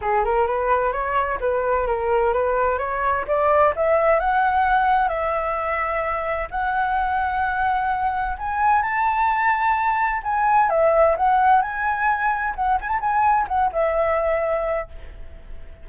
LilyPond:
\new Staff \with { instrumentName = "flute" } { \time 4/4 \tempo 4 = 129 gis'8 ais'8 b'4 cis''4 b'4 | ais'4 b'4 cis''4 d''4 | e''4 fis''2 e''4~ | e''2 fis''2~ |
fis''2 gis''4 a''4~ | a''2 gis''4 e''4 | fis''4 gis''2 fis''8 gis''16 a''16 | gis''4 fis''8 e''2~ e''8 | }